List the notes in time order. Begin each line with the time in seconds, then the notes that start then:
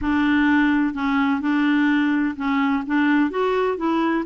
0.01 D4
0.94 C#4
1.40 D4
2.36 C#4
2.86 D4
3.30 F#4
3.77 E4